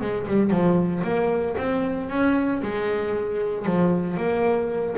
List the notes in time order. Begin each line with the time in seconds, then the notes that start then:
0.00 G#3
0.27 G3
0.50 F3
1.03 A#3
1.57 C4
2.09 C#4
2.62 G#3
3.65 F3
4.16 A#3